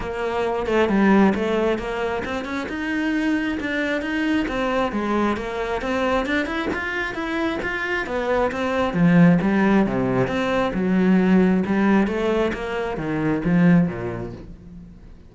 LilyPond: \new Staff \with { instrumentName = "cello" } { \time 4/4 \tempo 4 = 134 ais4. a8 g4 a4 | ais4 c'8 cis'8 dis'2 | d'4 dis'4 c'4 gis4 | ais4 c'4 d'8 e'8 f'4 |
e'4 f'4 b4 c'4 | f4 g4 c4 c'4 | fis2 g4 a4 | ais4 dis4 f4 ais,4 | }